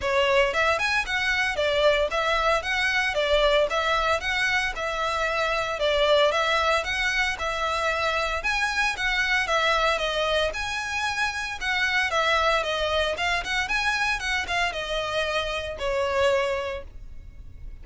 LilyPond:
\new Staff \with { instrumentName = "violin" } { \time 4/4 \tempo 4 = 114 cis''4 e''8 gis''8 fis''4 d''4 | e''4 fis''4 d''4 e''4 | fis''4 e''2 d''4 | e''4 fis''4 e''2 |
gis''4 fis''4 e''4 dis''4 | gis''2 fis''4 e''4 | dis''4 f''8 fis''8 gis''4 fis''8 f''8 | dis''2 cis''2 | }